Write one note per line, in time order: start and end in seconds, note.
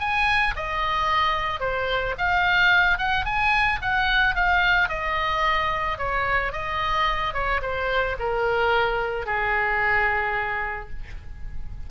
0.00 0.55 G#5
0.56 1.60 D#5
1.60 2.15 C5
2.18 2.99 F5
2.99 3.25 F#5
3.25 3.80 G#5
3.82 4.35 F#5
4.35 4.89 F5
4.89 5.98 D#5
5.99 6.53 C#5
6.53 7.34 D#5
7.34 7.61 C#5
7.62 8.17 C5
8.20 9.26 A#4
9.26 10.90 G#4